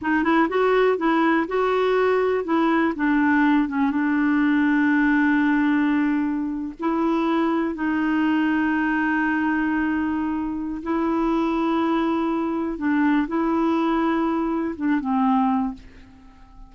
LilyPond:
\new Staff \with { instrumentName = "clarinet" } { \time 4/4 \tempo 4 = 122 dis'8 e'8 fis'4 e'4 fis'4~ | fis'4 e'4 d'4. cis'8 | d'1~ | d'4.~ d'16 e'2 dis'16~ |
dis'1~ | dis'2 e'2~ | e'2 d'4 e'4~ | e'2 d'8 c'4. | }